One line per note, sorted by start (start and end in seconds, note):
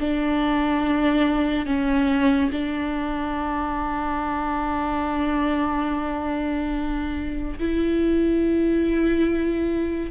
0.00 1.66 D4
1.66 2.50 C#4
2.52 7.59 D4
7.59 10.11 E4